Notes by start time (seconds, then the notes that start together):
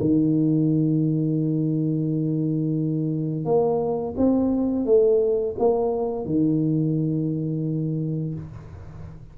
0.00 D#3
3.45 A#3
4.17 C4
4.85 A3
5.58 A#3
6.25 D#3